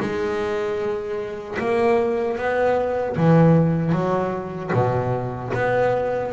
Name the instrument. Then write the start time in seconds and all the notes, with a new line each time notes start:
double bass
0.00 G#3
1.59 A#3
2.38 B3
3.17 E3
3.93 F#3
4.74 B2
5.54 B3